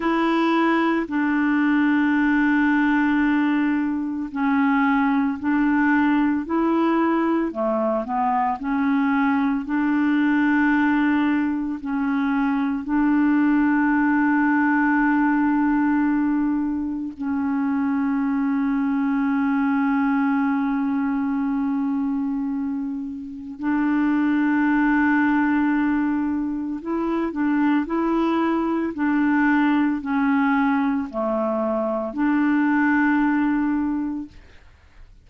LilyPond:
\new Staff \with { instrumentName = "clarinet" } { \time 4/4 \tempo 4 = 56 e'4 d'2. | cis'4 d'4 e'4 a8 b8 | cis'4 d'2 cis'4 | d'1 |
cis'1~ | cis'2 d'2~ | d'4 e'8 d'8 e'4 d'4 | cis'4 a4 d'2 | }